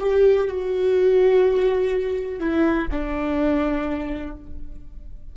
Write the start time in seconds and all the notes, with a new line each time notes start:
0.00 G4
0.48 F#4
2.40 E4
2.92 D4